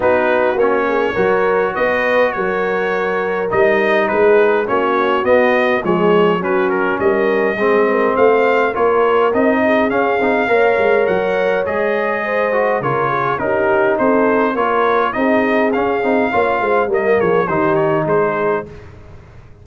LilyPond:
<<
  \new Staff \with { instrumentName = "trumpet" } { \time 4/4 \tempo 4 = 103 b'4 cis''2 dis''4 | cis''2 dis''4 b'4 | cis''4 dis''4 cis''4 b'8 ais'8 | dis''2 f''4 cis''4 |
dis''4 f''2 fis''4 | dis''2 cis''4 ais'4 | c''4 cis''4 dis''4 f''4~ | f''4 dis''8 cis''8 c''8 cis''8 c''4 | }
  \new Staff \with { instrumentName = "horn" } { \time 4/4 fis'4. gis'8 ais'4 b'4 | ais'2. gis'4 | fis'2 gis'4 fis'4 | ais'4 gis'8 ais'8 c''4 ais'4~ |
ais'8 gis'4. cis''2~ | cis''4 c''4 ais'8 gis'8 g'4 | a'4 ais'4 gis'2 | cis''8 c''8 ais'8 gis'8 g'4 gis'4 | }
  \new Staff \with { instrumentName = "trombone" } { \time 4/4 dis'4 cis'4 fis'2~ | fis'2 dis'2 | cis'4 b4 gis4 cis'4~ | cis'4 c'2 f'4 |
dis'4 cis'8 dis'8 ais'2 | gis'4. fis'8 f'4 dis'4~ | dis'4 f'4 dis'4 cis'8 dis'8 | f'4 ais4 dis'2 | }
  \new Staff \with { instrumentName = "tuba" } { \time 4/4 b4 ais4 fis4 b4 | fis2 g4 gis4 | ais4 b4 f4 fis4 | g4 gis4 a4 ais4 |
c'4 cis'8 c'8 ais8 gis8 fis4 | gis2 cis4 cis'4 | c'4 ais4 c'4 cis'8 c'8 | ais8 gis8 g8 f8 dis4 gis4 | }
>>